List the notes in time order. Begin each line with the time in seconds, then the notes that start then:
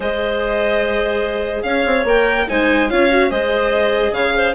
0.00 G#3 G#4 C5 D#5
1.62 C#4 C#5 F5
1.85 C4
2.04 A#3 A#4 G5
2.48 G#3 D#4 C5 G#5
2.90 C#4 F4 C#5 F5
3.10 F#4
3.29 G#3 G#4 C5 D#5
4.11 C#3 C#5 F5
4.35 C5